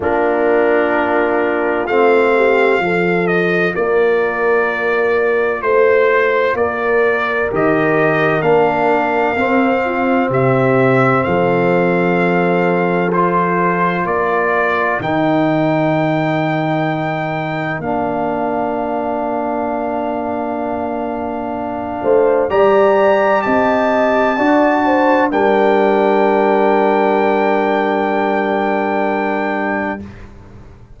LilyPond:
<<
  \new Staff \with { instrumentName = "trumpet" } { \time 4/4 \tempo 4 = 64 ais'2 f''4. dis''8 | d''2 c''4 d''4 | dis''4 f''2 e''4 | f''2 c''4 d''4 |
g''2. f''4~ | f''1 | ais''4 a''2 g''4~ | g''1 | }
  \new Staff \with { instrumentName = "horn" } { \time 4/4 f'2~ f'8 g'8 a'4 | ais'2 c''4 ais'4~ | ais'2~ ais'8 f'8 g'4 | a'2. ais'4~ |
ais'1~ | ais'2.~ ais'8 c''8 | d''4 dis''4 d''8 c''8 ais'4~ | ais'1 | }
  \new Staff \with { instrumentName = "trombone" } { \time 4/4 d'2 c'4 f'4~ | f'1 | g'4 d'4 c'2~ | c'2 f'2 |
dis'2. d'4~ | d'1 | g'2 fis'4 d'4~ | d'1 | }
  \new Staff \with { instrumentName = "tuba" } { \time 4/4 ais2 a4 f4 | ais2 a4 ais4 | dis4 ais4 c'4 c4 | f2. ais4 |
dis2. ais4~ | ais2.~ ais8 a8 | g4 c'4 d'4 g4~ | g1 | }
>>